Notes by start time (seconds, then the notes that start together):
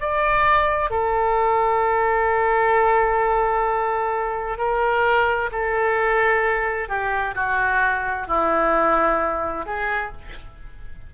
0.00 D5
0.90 A4
4.57 A#4
5.51 A4
6.88 G4
7.35 F#4
8.27 E4
9.65 G#4